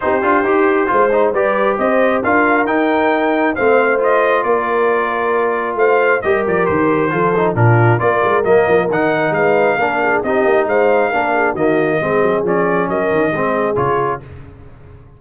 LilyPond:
<<
  \new Staff \with { instrumentName = "trumpet" } { \time 4/4 \tempo 4 = 135 c''2. d''4 | dis''4 f''4 g''2 | f''4 dis''4 d''2~ | d''4 f''4 dis''8 d''8 c''4~ |
c''4 ais'4 d''4 dis''4 | fis''4 f''2 dis''4 | f''2 dis''2 | d''4 dis''2 cis''4 | }
  \new Staff \with { instrumentName = "horn" } { \time 4/4 g'2 c''4 b'4 | c''4 ais'2. | c''2 ais'2~ | ais'4 c''4 ais'2 |
a'4 f'4 ais'2~ | ais'4 b'4 ais'8 gis'8 g'4 | c''4 ais'8 gis'8 fis'4 gis'4~ | gis'4 ais'4 gis'2 | }
  \new Staff \with { instrumentName = "trombone" } { \time 4/4 dis'8 f'8 g'4 f'8 dis'8 g'4~ | g'4 f'4 dis'2 | c'4 f'2.~ | f'2 g'2 |
f'8 dis'8 d'4 f'4 ais4 | dis'2 d'4 dis'4~ | dis'4 d'4 ais4 c'4 | cis'2 c'4 f'4 | }
  \new Staff \with { instrumentName = "tuba" } { \time 4/4 c'8 d'8 dis'4 gis4 g4 | c'4 d'4 dis'2 | a2 ais2~ | ais4 a4 g8 f8 dis4 |
f4 ais,4 ais8 gis8 fis8 f8 | dis4 gis4 ais4 c'8 ais8 | gis4 ais4 dis4 gis8 fis8 | f4 fis8 dis8 gis4 cis4 | }
>>